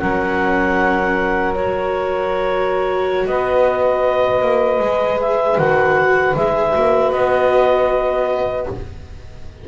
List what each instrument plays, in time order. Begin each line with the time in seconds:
0.00 double bass F#3, viola C#4, saxophone A#4, clarinet F#5
1.55 viola F#4, clarinet C#5
3.27 double bass B3, saxophone B4, clarinet D#5
4.42 double bass A#3
4.79 double bass G#3, viola G#4
5.21 clarinet E5
5.58 double bass D#3, viola F#4, clarinet F#5
6.35 double bass G#3, viola G#4, clarinet E5
6.73 double bass A#3, viola F#4
7.12 double bass B3, clarinet D#5